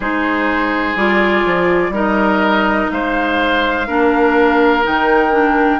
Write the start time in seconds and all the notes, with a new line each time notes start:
0.00 G#3 D#4 G#4 C5
0.95 G3 F4 D5
1.45 F3
1.89 G3 D#4 A#4
1.96 D#5
2.91 G#3 C5 F5
3.87 A#3 D4 A#4
4.83 D#3 D#4 G5
5.31 D4